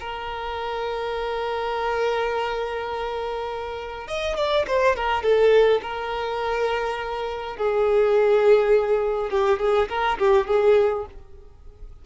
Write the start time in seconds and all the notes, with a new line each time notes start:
0.00 A#4
4.08 D#5
4.37 D5
4.68 C5
4.96 A#4
5.23 A4
5.82 A#4
7.57 G#4
9.30 G4
9.60 G#4
9.89 A#4
10.19 G4
10.48 G#4